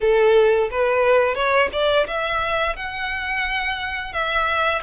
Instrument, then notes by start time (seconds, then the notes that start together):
violin
0.00 A4
0.70 B4
1.34 C#5
1.72 D5
2.07 E5
2.76 F#5
4.12 E5